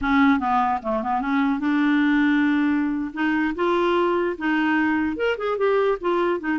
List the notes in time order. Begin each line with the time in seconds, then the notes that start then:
0.01 C#4
0.39 B3
0.82 A3
1.02 B3
1.21 C#4
1.59 D4
3.13 D#4
3.55 F4
4.38 D#4
5.16 A#4
5.37 G#4
5.57 G4
6.00 F4
6.40 D#4